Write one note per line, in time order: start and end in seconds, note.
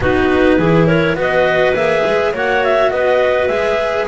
0.00 0.58 B3
0.00 0.59 D#4
0.00 0.57 F#4
0.00 0.86 B4
0.57 1.14 E3
0.57 1.15 E4
0.57 0.86 G#4
0.86 1.16 A#4
0.86 1.15 C#5
1.14 1.72 B3
1.14 1.74 F#4
1.14 2.33 B4
1.21 1.75 D#5
1.73 2.02 A#3
1.73 2.33 G#4
1.73 2.33 E5
2.05 2.33 G#3
2.33 2.91 A#3
2.33 3.49 F#4
2.33 2.91 C#5
2.33 2.63 F#5
2.63 2.91 E5
2.91 3.48 B3
2.91 4.08 B4
2.91 3.47 D#5
3.47 4.06 G#3
3.47 4.07 G#4
3.47 4.05 E5